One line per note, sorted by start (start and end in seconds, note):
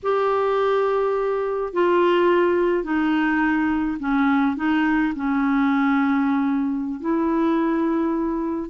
0.02 1.73 G4
1.73 2.83 F4
2.83 3.98 D#4
3.99 4.56 C#4
4.56 5.13 D#4
5.15 7.00 C#4
7.00 8.70 E4